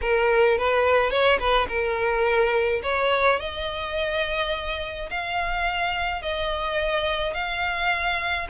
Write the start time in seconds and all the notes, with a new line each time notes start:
0.01 A#4
0.58 B4
1.10 C#5
1.39 B4
1.68 A#4
2.83 C#5
3.39 D#5
5.10 F5
6.21 D#5
7.34 F5